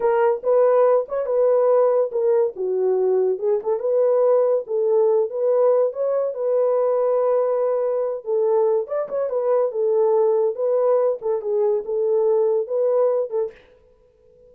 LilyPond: \new Staff \with { instrumentName = "horn" } { \time 4/4 \tempo 4 = 142 ais'4 b'4. cis''8 b'4~ | b'4 ais'4 fis'2 | gis'8 a'8 b'2 a'4~ | a'8 b'4. cis''4 b'4~ |
b'2.~ b'8 a'8~ | a'4 d''8 cis''8 b'4 a'4~ | a'4 b'4. a'8 gis'4 | a'2 b'4. a'8 | }